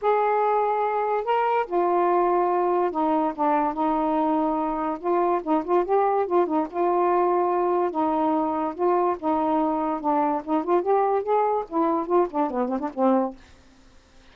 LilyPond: \new Staff \with { instrumentName = "saxophone" } { \time 4/4 \tempo 4 = 144 gis'2. ais'4 | f'2. dis'4 | d'4 dis'2. | f'4 dis'8 f'8 g'4 f'8 dis'8 |
f'2. dis'4~ | dis'4 f'4 dis'2 | d'4 dis'8 f'8 g'4 gis'4 | e'4 f'8 d'8 b8 c'16 d'16 c'4 | }